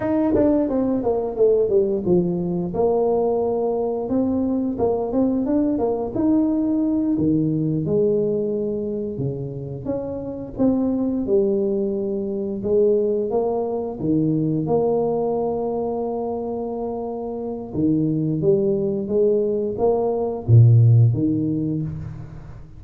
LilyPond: \new Staff \with { instrumentName = "tuba" } { \time 4/4 \tempo 4 = 88 dis'8 d'8 c'8 ais8 a8 g8 f4 | ais2 c'4 ais8 c'8 | d'8 ais8 dis'4. dis4 gis8~ | gis4. cis4 cis'4 c'8~ |
c'8 g2 gis4 ais8~ | ais8 dis4 ais2~ ais8~ | ais2 dis4 g4 | gis4 ais4 ais,4 dis4 | }